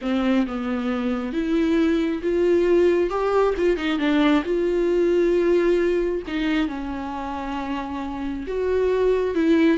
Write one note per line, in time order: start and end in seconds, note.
0.01 0.46 C4
0.46 1.32 B3
1.32 2.21 E4
2.22 3.09 F4
3.09 3.54 G4
3.57 3.76 F4
3.76 3.98 D#4
3.98 4.43 D4
4.44 6.22 F4
6.27 6.68 D#4
6.68 8.45 C#4
8.47 9.35 F#4
9.35 9.77 E4